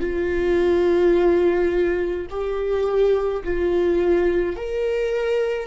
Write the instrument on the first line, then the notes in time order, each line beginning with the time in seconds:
viola
0.00 F4
2.30 G4
3.44 F4
4.56 A#4